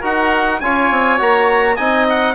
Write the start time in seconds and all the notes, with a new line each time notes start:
0.00 D#4 F#4 A#4 F#5
0.60 C#4 F4 C#5 G#5
0.90 C4
1.18 A#3 F#4 A#5
1.75 C4 D#4 D#5 G#5
2.09 F#5